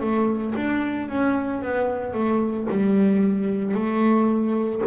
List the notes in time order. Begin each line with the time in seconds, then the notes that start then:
0.00 A3
0.55 D4
1.09 C#4
1.62 B3
2.13 A3
2.70 G3
3.74 A3